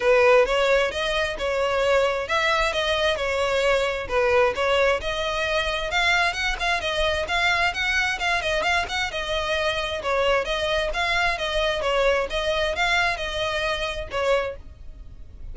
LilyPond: \new Staff \with { instrumentName = "violin" } { \time 4/4 \tempo 4 = 132 b'4 cis''4 dis''4 cis''4~ | cis''4 e''4 dis''4 cis''4~ | cis''4 b'4 cis''4 dis''4~ | dis''4 f''4 fis''8 f''8 dis''4 |
f''4 fis''4 f''8 dis''8 f''8 fis''8 | dis''2 cis''4 dis''4 | f''4 dis''4 cis''4 dis''4 | f''4 dis''2 cis''4 | }